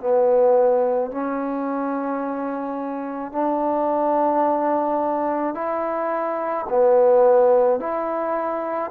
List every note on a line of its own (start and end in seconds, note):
0.00 1.11 B3
1.12 3.32 C#4
3.32 5.55 D4
5.55 6.66 E4
6.69 7.80 B3
7.80 8.91 E4